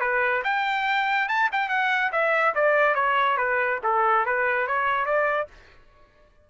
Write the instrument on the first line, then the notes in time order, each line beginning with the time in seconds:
trumpet
0.00 B4
0.44 G5
1.28 A5
1.52 G5
1.69 F#5
2.12 E5
2.54 D5
2.94 C#5
3.37 B4
3.83 A4
4.25 B4
4.67 C#5
5.05 D5